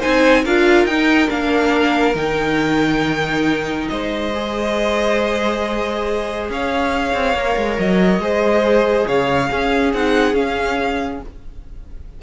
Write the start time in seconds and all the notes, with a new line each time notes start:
0.00 C4 D#4 C5 G#5
0.44 D4 F4 A#4 F5
0.85 D#4 G5
1.28 A#3 D4 F5
2.15 D#3 D#4 G5
3.88 G#3 C5 D#5
4.35 G#4
6.50 C#4 C#5 F5
7.14 C4
7.34 A#3 A#4
7.57 G#3
7.79 F#3 D#5
8.19 G#3 G#4 C5
9.07 C#3 C#5 F5
9.50 C#4 G#4
9.93 C4 D#4 F#5
10.34 C#4 F5